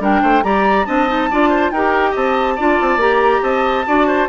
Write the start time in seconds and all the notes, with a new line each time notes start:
0.00 G3 D4 A#4 G5
0.22 A3 C5
0.43 G3 G4 D5 A#5
0.86 C4 D4 D#5 A5
1.08 D#4
1.31 D4 F4 D5
1.50 C5
1.71 D#4 G4 A#4 G5
2.11 C4 D#5 A5
2.56 D4 F4 D5
2.81 C4
2.97 A#3 G4 A#5
3.43 C4 D#5 A5
3.86 D4 F#4 D5
4.07 C5